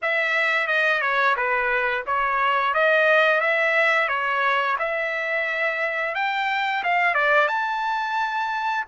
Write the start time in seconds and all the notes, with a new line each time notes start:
0.02 E5
0.67 D#5
1.01 C#5
1.36 B4
2.06 C#5
2.73 D#5
3.41 E5
4.08 C#5
4.79 E5
6.15 G5
6.83 F5
7.14 D5
7.48 A5